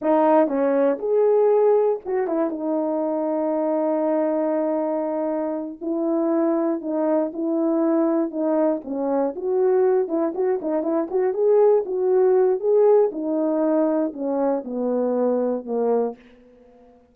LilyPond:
\new Staff \with { instrumentName = "horn" } { \time 4/4 \tempo 4 = 119 dis'4 cis'4 gis'2 | fis'8 e'8 dis'2.~ | dis'2.~ dis'8 e'8~ | e'4. dis'4 e'4.~ |
e'8 dis'4 cis'4 fis'4. | e'8 fis'8 dis'8 e'8 fis'8 gis'4 fis'8~ | fis'4 gis'4 dis'2 | cis'4 b2 ais4 | }